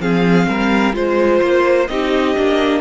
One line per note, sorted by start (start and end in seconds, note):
0.00 0.47 F3
0.00 0.93 C4
0.00 0.49 G#4
0.00 0.95 F5
0.49 0.94 G3
0.49 0.96 A#4
0.93 1.41 G#3
0.93 1.87 F4
0.93 1.88 C5
0.93 1.90 C5
1.42 1.89 A#3
1.88 2.36 C4
1.88 2.36 D#4
1.88 2.81 G4
1.88 2.81 D#5
2.36 2.81 A#3
2.36 2.81 D4